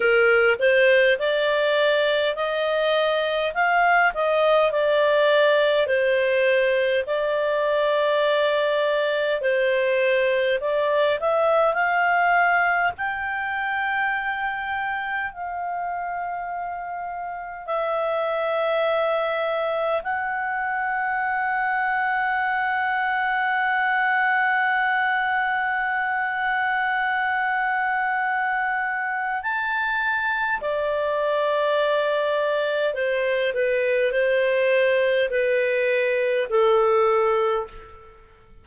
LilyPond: \new Staff \with { instrumentName = "clarinet" } { \time 4/4 \tempo 4 = 51 ais'8 c''8 d''4 dis''4 f''8 dis''8 | d''4 c''4 d''2 | c''4 d''8 e''8 f''4 g''4~ | g''4 f''2 e''4~ |
e''4 fis''2.~ | fis''1~ | fis''4 a''4 d''2 | c''8 b'8 c''4 b'4 a'4 | }